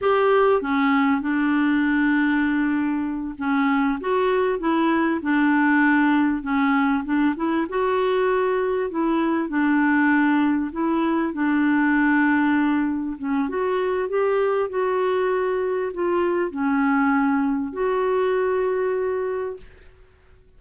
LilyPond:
\new Staff \with { instrumentName = "clarinet" } { \time 4/4 \tempo 4 = 98 g'4 cis'4 d'2~ | d'4. cis'4 fis'4 e'8~ | e'8 d'2 cis'4 d'8 | e'8 fis'2 e'4 d'8~ |
d'4. e'4 d'4.~ | d'4. cis'8 fis'4 g'4 | fis'2 f'4 cis'4~ | cis'4 fis'2. | }